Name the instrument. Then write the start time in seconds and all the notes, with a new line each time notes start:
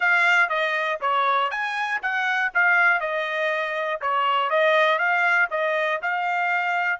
trumpet
0.00 F5
0.49 D#5
1.00 C#5
1.50 G#5
2.02 F#5
2.54 F5
3.00 D#5
4.01 C#5
4.50 D#5
4.98 F5
5.50 D#5
6.01 F5